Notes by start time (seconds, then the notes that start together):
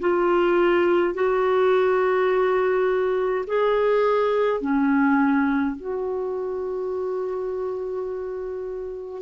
0.00 F4
1.14 F#4
3.47 G#4
4.61 C#4
5.76 F#4